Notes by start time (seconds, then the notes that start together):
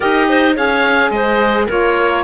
0.00 D#4 G4 A#4 D#5
0.28 C5
0.56 C#4 G#4 C#5 F5
1.10 G#3 C5 D#5
1.67 A#3 F4 A#4 C#5